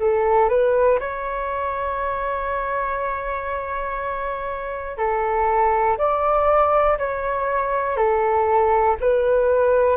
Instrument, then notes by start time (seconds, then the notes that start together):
flute
0.00 A4
0.49 B4
1.00 C#5
4.98 A4
5.98 D5
6.99 C#5
7.97 A4
9.01 B4